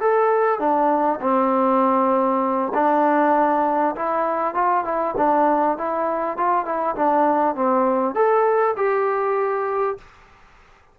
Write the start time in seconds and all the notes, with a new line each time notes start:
0.00 A4
0.59 D4
1.21 C4
2.74 D4
3.95 E4
4.54 F4
4.84 E4
5.17 D4
5.77 E4
6.37 F4
6.65 E4
6.95 D4
7.55 C4
8.14 A4
8.76 G4